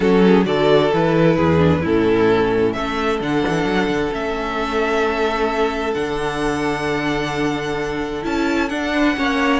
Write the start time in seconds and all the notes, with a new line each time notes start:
0.00 F#3 C#4 F#4 A4
0.26 G#4
0.45 D3 F#4 A4 D5
0.93 E3 E4 B4
1.36 E2 G#4
1.58 D4
1.81 A2 C#4 E4 A4
2.73 A3 A4 E5
3.20 D3 D4 F#5
3.47 E3
3.64 F#3
3.88 D3
4.11 A3 C#4 E5
5.94 D3 D4 F#5
8.22 C#4 E4 A5
8.69 D4 F#5
8.93 B4
9.15 A#3 C#4 C#5